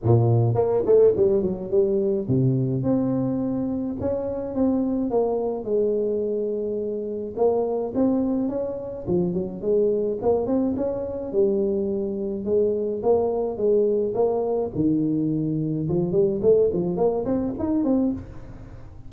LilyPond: \new Staff \with { instrumentName = "tuba" } { \time 4/4 \tempo 4 = 106 ais,4 ais8 a8 g8 fis8 g4 | c4 c'2 cis'4 | c'4 ais4 gis2~ | gis4 ais4 c'4 cis'4 |
f8 fis8 gis4 ais8 c'8 cis'4 | g2 gis4 ais4 | gis4 ais4 dis2 | f8 g8 a8 f8 ais8 c'8 dis'8 c'8 | }